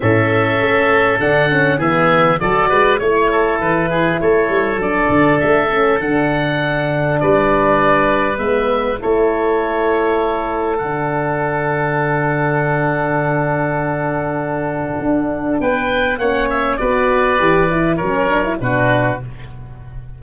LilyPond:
<<
  \new Staff \with { instrumentName = "oboe" } { \time 4/4 \tempo 4 = 100 e''2 fis''4 e''4 | d''4 cis''4 b'4 cis''4 | d''4 e''4 fis''2 | d''2 e''4 cis''4~ |
cis''2 fis''2~ | fis''1~ | fis''2 g''4 fis''8 e''8 | d''2 cis''4 b'4 | }
  \new Staff \with { instrumentName = "oboe" } { \time 4/4 a'2. gis'4 | a'8 b'8 cis''8 a'4 gis'8 a'4~ | a'1 | b'2. a'4~ |
a'1~ | a'1~ | a'2 b'4 cis''4 | b'2 ais'4 fis'4 | }
  \new Staff \with { instrumentName = "horn" } { \time 4/4 cis'2 d'8 cis'8 b4 | fis'4 e'2. | d'4. cis'8 d'2~ | d'2 b4 e'4~ |
e'2 d'2~ | d'1~ | d'2. cis'4 | fis'4 g'8 e'8 cis'8 d'16 e'16 d'4 | }
  \new Staff \with { instrumentName = "tuba" } { \time 4/4 a,4 a4 d4 e4 | fis8 gis8 a4 e4 a8 g8 | fis8 d8 a4 d2 | g2 gis4 a4~ |
a2 d2~ | d1~ | d4 d'4 b4 ais4 | b4 e4 fis4 b,4 | }
>>